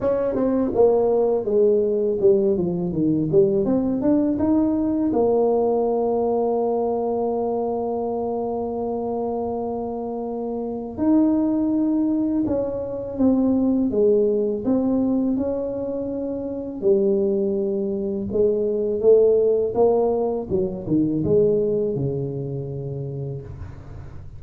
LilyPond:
\new Staff \with { instrumentName = "tuba" } { \time 4/4 \tempo 4 = 82 cis'8 c'8 ais4 gis4 g8 f8 | dis8 g8 c'8 d'8 dis'4 ais4~ | ais1~ | ais2. dis'4~ |
dis'4 cis'4 c'4 gis4 | c'4 cis'2 g4~ | g4 gis4 a4 ais4 | fis8 dis8 gis4 cis2 | }